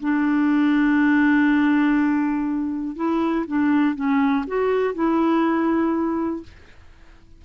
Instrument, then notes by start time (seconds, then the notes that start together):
clarinet
0.00 D4
2.95 E4
3.46 D4
3.95 C#4
4.47 F#4
4.94 E4